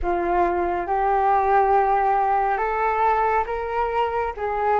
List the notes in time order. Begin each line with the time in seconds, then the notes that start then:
0.02 F4
0.87 G4
2.57 A4
3.46 A#4
4.37 G#4